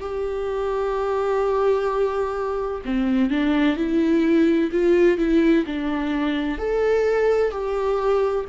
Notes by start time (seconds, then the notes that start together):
0.00 G4
2.85 C4
3.31 D4
3.77 E4
4.72 F4
5.18 E4
5.66 D4
6.58 A4
7.51 G4